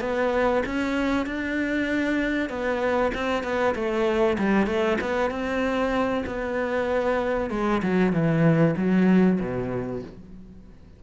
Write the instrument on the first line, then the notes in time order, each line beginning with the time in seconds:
cello
0.00 B3
0.65 C#4
1.26 D4
2.49 B3
3.14 C4
3.43 B3
3.75 A3
4.38 G3
4.66 A3
5.01 B3
5.30 C4
6.26 B3
7.50 G#3
7.82 F#3
8.12 E3
8.77 F#3
9.40 B2